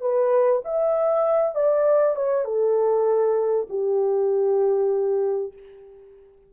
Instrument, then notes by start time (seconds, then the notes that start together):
horn
0.00 B4
0.64 E5
1.54 D5
2.15 C#5
2.44 A4
3.69 G4